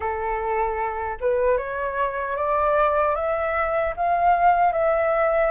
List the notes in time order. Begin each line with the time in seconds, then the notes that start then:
0.00 A4
1.20 B4
1.57 C#5
2.36 D5
3.15 E5
3.96 F5
4.72 E5